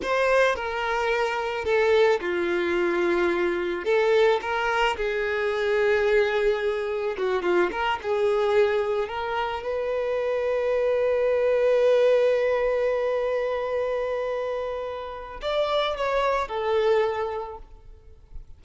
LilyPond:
\new Staff \with { instrumentName = "violin" } { \time 4/4 \tempo 4 = 109 c''4 ais'2 a'4 | f'2. a'4 | ais'4 gis'2.~ | gis'4 fis'8 f'8 ais'8 gis'4.~ |
gis'8 ais'4 b'2~ b'8~ | b'1~ | b'1 | d''4 cis''4 a'2 | }